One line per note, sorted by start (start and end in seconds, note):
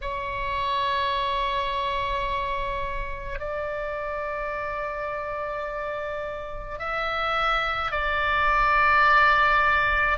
0.01 3.39 C#5
3.39 6.78 D5
6.79 7.91 E5
7.91 10.17 D5